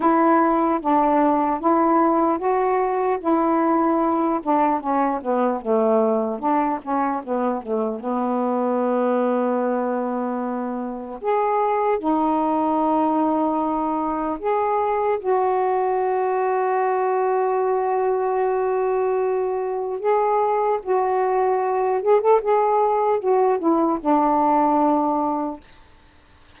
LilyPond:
\new Staff \with { instrumentName = "saxophone" } { \time 4/4 \tempo 4 = 75 e'4 d'4 e'4 fis'4 | e'4. d'8 cis'8 b8 a4 | d'8 cis'8 b8 a8 b2~ | b2 gis'4 dis'4~ |
dis'2 gis'4 fis'4~ | fis'1~ | fis'4 gis'4 fis'4. gis'16 a'16 | gis'4 fis'8 e'8 d'2 | }